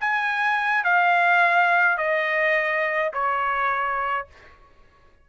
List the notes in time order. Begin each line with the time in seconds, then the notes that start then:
0.00 G#5
0.84 F5
1.97 D#5
3.13 C#5